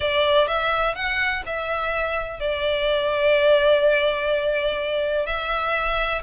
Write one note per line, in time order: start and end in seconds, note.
0.00 0.47 D5
0.47 0.95 E5
0.95 1.43 F#5
1.46 2.40 E5
2.40 5.25 D5
5.25 6.21 E5